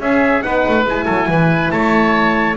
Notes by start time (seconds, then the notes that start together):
0.00 C#4 G#4 E5
0.42 B3 D#4 B4 F#5
0.68 A3
0.85 G#3 E4 G#5
1.06 F#3 A4
1.29 E3 B4
1.72 A3 C#5 A5